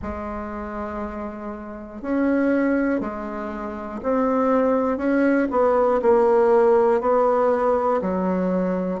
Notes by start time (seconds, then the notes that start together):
0.02 G#3
2.01 C#4
3.00 G#3
4.03 C4
4.97 C#4
5.50 B3
6.02 A#3
7.00 B3
8.01 F#3